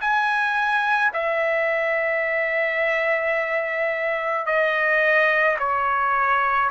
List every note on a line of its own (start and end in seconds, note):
0.00 1.11 G#5
1.13 4.46 E5
4.46 5.57 D#5
5.59 6.70 C#5